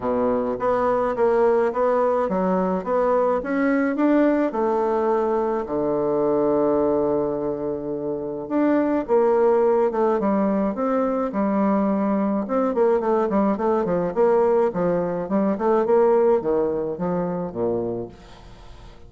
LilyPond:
\new Staff \with { instrumentName = "bassoon" } { \time 4/4 \tempo 4 = 106 b,4 b4 ais4 b4 | fis4 b4 cis'4 d'4 | a2 d2~ | d2. d'4 |
ais4. a8 g4 c'4 | g2 c'8 ais8 a8 g8 | a8 f8 ais4 f4 g8 a8 | ais4 dis4 f4 ais,4 | }